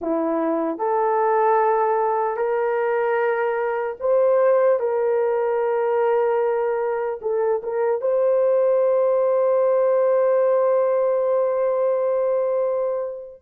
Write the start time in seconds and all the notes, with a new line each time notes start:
0.01 E4
0.78 A4
2.36 A#4
4.00 C5
4.79 A#4
7.21 A4
7.63 A#4
8.01 C5